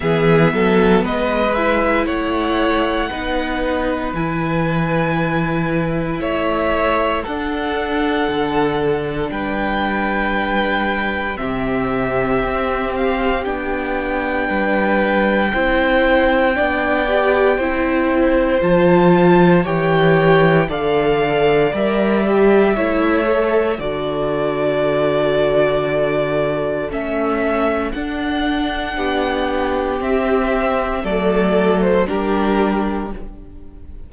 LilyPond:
<<
  \new Staff \with { instrumentName = "violin" } { \time 4/4 \tempo 4 = 58 e''4 dis''8 e''8 fis''2 | gis''2 e''4 fis''4~ | fis''4 g''2 e''4~ | e''8 f''8 g''2.~ |
g''2 a''4 g''4 | f''4 e''2 d''4~ | d''2 e''4 fis''4~ | fis''4 e''4 d''8. c''16 ais'4 | }
  \new Staff \with { instrumentName = "violin" } { \time 4/4 gis'8 a'8 b'4 cis''4 b'4~ | b'2 cis''4 a'4~ | a'4 b'2 g'4~ | g'2 b'4 c''4 |
d''4 c''2 cis''4 | d''2 cis''4 a'4~ | a'1 | g'2 a'4 g'4 | }
  \new Staff \with { instrumentName = "viola" } { \time 4/4 b4. e'4. dis'4 | e'2. d'4~ | d'2. c'4~ | c'4 d'2 e'4 |
d'8 g'8 e'4 f'4 g'4 | a'4 ais'8 g'8 e'8 a'8 fis'4~ | fis'2 cis'4 d'4~ | d'4 c'4 a4 d'4 | }
  \new Staff \with { instrumentName = "cello" } { \time 4/4 e8 fis8 gis4 a4 b4 | e2 a4 d'4 | d4 g2 c4 | c'4 b4 g4 c'4 |
b4 c'4 f4 e4 | d4 g4 a4 d4~ | d2 a4 d'4 | b4 c'4 fis4 g4 | }
>>